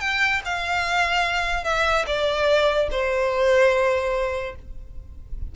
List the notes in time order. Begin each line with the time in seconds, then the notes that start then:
0.00 G5
0.45 F5
1.64 E5
2.06 D5
2.91 C5